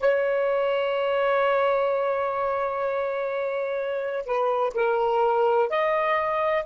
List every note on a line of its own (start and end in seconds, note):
0.00 4.26 C#5
4.26 4.73 B4
4.74 5.70 A#4
5.70 6.65 D#5